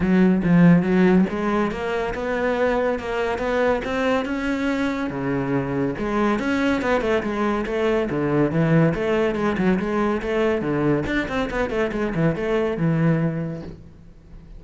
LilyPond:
\new Staff \with { instrumentName = "cello" } { \time 4/4 \tempo 4 = 141 fis4 f4 fis4 gis4 | ais4 b2 ais4 | b4 c'4 cis'2 | cis2 gis4 cis'4 |
b8 a8 gis4 a4 d4 | e4 a4 gis8 fis8 gis4 | a4 d4 d'8 c'8 b8 a8 | gis8 e8 a4 e2 | }